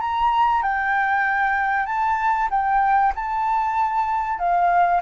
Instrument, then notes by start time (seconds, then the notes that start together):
flute
0.00 A#5
0.62 G5
1.86 A5
2.50 G5
3.15 A5
4.38 F5